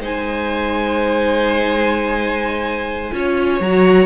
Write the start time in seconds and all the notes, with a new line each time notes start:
0.00 G#3 D#4 C5 G#5
3.13 C#4 F4 C#5
3.61 F#3 F#4 A#5